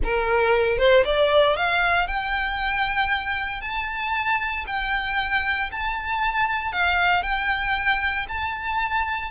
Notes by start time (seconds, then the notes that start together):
0.03 A#4
0.78 C5
1.04 D5
1.56 F5
2.07 G5
3.61 A5
4.66 G5
5.71 A5
6.72 F5
7.22 G5
8.28 A5